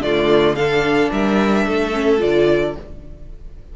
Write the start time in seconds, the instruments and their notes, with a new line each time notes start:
0.00 cello D3, viola A3, violin F4 D5
0.55 viola D4, violin A4 F5
1.12 cello G3, violin A#4 E5
1.66 cello A3, violin A4
1.93 viola C#4
2.19 cello D3, viola F4, violin D5